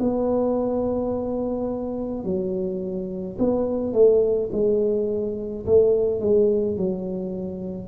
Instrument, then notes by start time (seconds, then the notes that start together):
tuba
0.00 B3
2.24 F#3
3.39 B3
3.93 A3
4.52 G#3
5.66 A3
6.21 G#3
6.77 F#3